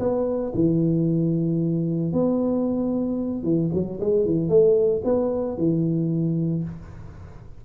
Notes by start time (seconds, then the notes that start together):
0.00 B3
0.55 E3
2.13 B3
3.44 E3
3.74 F#3
4.01 G#3
4.26 E3
4.49 A3
5.04 B3
5.58 E3